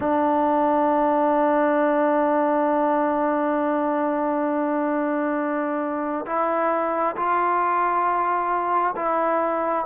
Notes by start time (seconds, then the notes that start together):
0.00 D4
6.26 E4
7.15 F4
8.96 E4